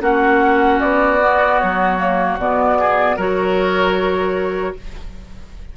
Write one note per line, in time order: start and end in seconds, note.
0.00 0.79 A#3
0.00 1.18 C#4
0.00 2.78 F#4
0.00 0.80 F#5
0.80 1.61 B3
0.80 1.59 D5
1.21 1.98 B3
1.59 2.37 F#3
1.59 2.38 C#5
1.98 2.38 A#3
2.37 3.16 B2
2.37 3.18 B3
2.37 3.18 D5
2.79 3.16 G#4
3.16 4.75 F#3
3.16 4.76 F#4
3.16 4.74 A#4
3.16 4.76 C#5